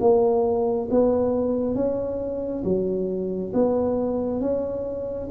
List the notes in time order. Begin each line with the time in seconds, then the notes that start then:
0.00 A#3
0.91 B3
1.75 C#4
2.64 F#3
3.53 B3
4.40 C#4